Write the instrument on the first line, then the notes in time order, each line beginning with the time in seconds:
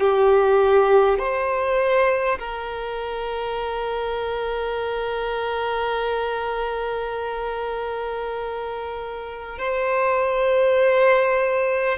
violin
0.00 G4
1.18 C5
2.39 A#4
9.58 C5